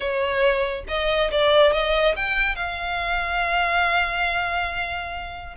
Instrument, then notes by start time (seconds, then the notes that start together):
violin
0.00 C#5
0.87 D#5
1.31 D5
1.72 D#5
2.16 G5
2.55 F5